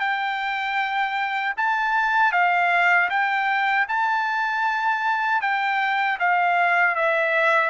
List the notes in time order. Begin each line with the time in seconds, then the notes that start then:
0.00 G5
1.57 A5
2.32 F5
3.10 G5
3.88 A5
5.41 G5
6.20 F5
6.95 E5